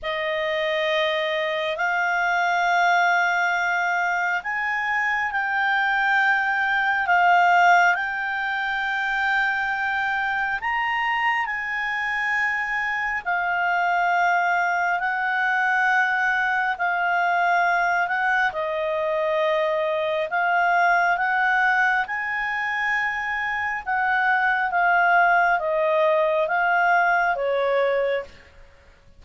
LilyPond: \new Staff \with { instrumentName = "clarinet" } { \time 4/4 \tempo 4 = 68 dis''2 f''2~ | f''4 gis''4 g''2 | f''4 g''2. | ais''4 gis''2 f''4~ |
f''4 fis''2 f''4~ | f''8 fis''8 dis''2 f''4 | fis''4 gis''2 fis''4 | f''4 dis''4 f''4 cis''4 | }